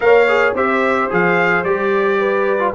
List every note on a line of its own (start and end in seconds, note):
0.00 0.53 A#3
0.00 0.27 A#4
0.00 0.55 C#5
0.00 0.54 F5
0.28 0.55 G#4
0.53 1.08 C4
0.53 1.10 G4
0.53 2.19 C5
0.53 1.11 E5
1.10 1.64 F3
1.10 1.65 G#4
1.10 1.64 F5
1.64 2.74 G3
1.64 2.59 G4
1.64 2.74 D5
2.19 2.74 B4
2.59 2.73 F4